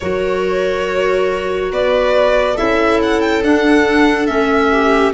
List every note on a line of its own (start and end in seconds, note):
0.00 1.71 F#3
0.00 2.57 F#4
0.00 1.72 A#4
0.00 1.71 C#5
1.71 2.57 B3
1.71 2.54 B4
1.71 2.57 D5
2.54 3.43 C#4
2.54 3.42 E4
2.54 4.68 A4
2.54 2.99 E5
3.02 3.21 F#5
3.21 3.42 G5
3.43 4.27 D4
3.43 4.26 F#5
4.26 5.13 A3
4.26 5.13 C#4
4.26 5.12 E5
4.71 5.13 G4